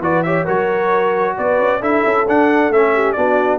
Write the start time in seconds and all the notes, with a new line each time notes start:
0.00 E3 F#4 B4 D5
0.23 G4 C#5 E5
0.45 F#3 F#4 A#4 C#5
1.38 B3 B4 D5
1.59 C#4
1.81 D4 E4 A4 E5
2.05 C#4
2.29 D4 F#5
2.70 A3 C#4 E5
2.95 G4
3.13 B3 D4 F#4 D5